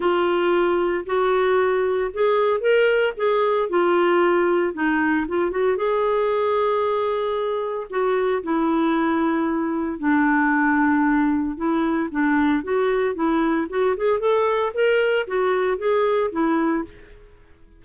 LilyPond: \new Staff \with { instrumentName = "clarinet" } { \time 4/4 \tempo 4 = 114 f'2 fis'2 | gis'4 ais'4 gis'4 f'4~ | f'4 dis'4 f'8 fis'8 gis'4~ | gis'2. fis'4 |
e'2. d'4~ | d'2 e'4 d'4 | fis'4 e'4 fis'8 gis'8 a'4 | ais'4 fis'4 gis'4 e'4 | }